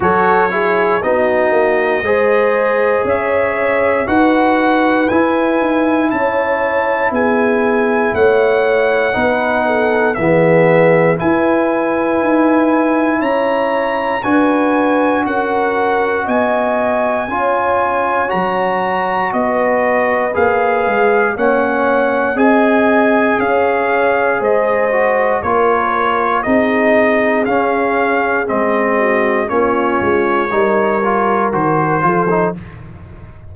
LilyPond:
<<
  \new Staff \with { instrumentName = "trumpet" } { \time 4/4 \tempo 4 = 59 cis''4 dis''2 e''4 | fis''4 gis''4 a''4 gis''4 | fis''2 e''4 gis''4~ | gis''4 ais''4 gis''4 fis''4 |
gis''2 ais''4 dis''4 | f''4 fis''4 gis''4 f''4 | dis''4 cis''4 dis''4 f''4 | dis''4 cis''2 c''4 | }
  \new Staff \with { instrumentName = "horn" } { \time 4/4 a'8 gis'8 fis'4 c''4 cis''4 | b'2 cis''4 gis'4 | cis''4 b'8 a'8 gis'4 b'4~ | b'4 cis''4 b'4 ais'4 |
dis''4 cis''2 b'4~ | b'4 cis''4 dis''4 cis''4 | c''4 ais'4 gis'2~ | gis'8 fis'8 f'4 ais'4. a'8 | }
  \new Staff \with { instrumentName = "trombone" } { \time 4/4 fis'8 e'8 dis'4 gis'2 | fis'4 e'2.~ | e'4 dis'4 b4 e'4~ | e'2 fis'2~ |
fis'4 f'4 fis'2 | gis'4 cis'4 gis'2~ | gis'8 fis'8 f'4 dis'4 cis'4 | c'4 cis'4 dis'8 f'8 fis'8 f'16 dis'16 | }
  \new Staff \with { instrumentName = "tuba" } { \time 4/4 fis4 b8 ais8 gis4 cis'4 | dis'4 e'8 dis'8 cis'4 b4 | a4 b4 e4 e'4 | dis'4 cis'4 d'4 cis'4 |
b4 cis'4 fis4 b4 | ais8 gis8 ais4 c'4 cis'4 | gis4 ais4 c'4 cis'4 | gis4 ais8 gis8 g4 dis8 f8 | }
>>